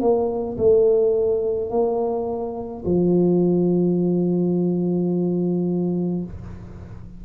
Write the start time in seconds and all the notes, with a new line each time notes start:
0.00 A#3
0.57 A3
1.70 A#3
2.85 F3